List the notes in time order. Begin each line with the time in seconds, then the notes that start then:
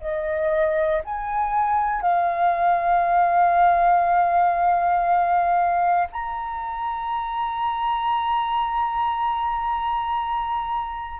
0.00 D#5
1.04 G#5
2.01 F5
6.12 A#5